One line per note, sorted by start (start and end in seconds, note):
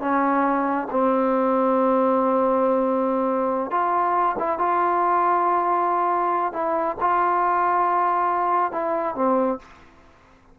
0.00 0.87 C#4
0.90 3.70 C4
3.70 4.36 F4
4.38 4.58 E4
4.58 6.52 F4
6.52 6.96 E4
7.00 8.72 F4
8.72 9.15 E4
9.15 9.58 C4